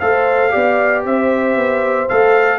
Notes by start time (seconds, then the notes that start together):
0.00 A3 A4 C5 F5
0.50 B3 G4 D5
1.05 C4 C5 E5
1.57 B3
2.09 A3 A4 F5